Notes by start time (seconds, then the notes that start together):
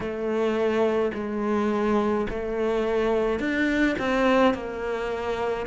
0.00 A3
1.14 G#3
2.30 A3
3.39 D4
3.98 C4
4.54 A#3